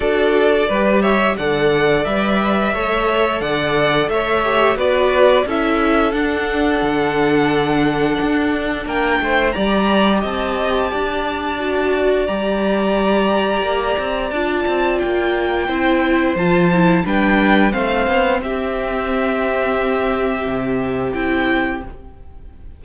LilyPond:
<<
  \new Staff \with { instrumentName = "violin" } { \time 4/4 \tempo 4 = 88 d''4. e''8 fis''4 e''4~ | e''4 fis''4 e''4 d''4 | e''4 fis''2.~ | fis''4 g''4 ais''4 a''4~ |
a''2 ais''2~ | ais''4 a''4 g''2 | a''4 g''4 f''4 e''4~ | e''2. g''4 | }
  \new Staff \with { instrumentName = "violin" } { \time 4/4 a'4 b'8 cis''8 d''2 | cis''4 d''4 cis''4 b'4 | a'1~ | a'4 ais'8 c''8 d''4 dis''4 |
d''1~ | d''2. c''4~ | c''4 b'4 c''4 g'4~ | g'1 | }
  \new Staff \with { instrumentName = "viola" } { \time 4/4 fis'4 g'4 a'4 b'4 | a'2~ a'8 g'8 fis'4 | e'4 d'2.~ | d'2 g'2~ |
g'4 fis'4 g'2~ | g'4 f'2 e'4 | f'8 e'8 d'4 c'2~ | c'2. e'4 | }
  \new Staff \with { instrumentName = "cello" } { \time 4/4 d'4 g4 d4 g4 | a4 d4 a4 b4 | cis'4 d'4 d2 | d'4 ais8 a8 g4 c'4 |
d'2 g2 | ais8 c'8 d'8 c'8 ais4 c'4 | f4 g4 a8 b8 c'4~ | c'2 c4 c'4 | }
>>